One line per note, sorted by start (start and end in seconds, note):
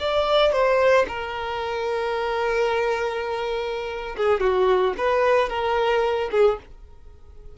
0.00 0.53 D5
0.53 1.06 C5
1.08 4.16 A#4
4.17 4.41 G#4
4.41 4.94 F#4
4.98 5.50 B4
5.50 6.30 A#4
6.32 6.59 G#4